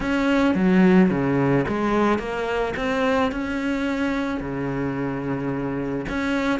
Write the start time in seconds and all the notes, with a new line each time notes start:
0.00 C#4
0.55 F#3
1.10 C#3
1.67 G#3
2.18 A#3
2.76 C4
3.31 C#4
4.40 C#3
6.08 C#4